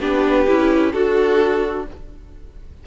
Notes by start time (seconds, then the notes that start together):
0.00 B3 D4 G4 B4
0.48 C#4 E4
0.92 D4 F#4 A4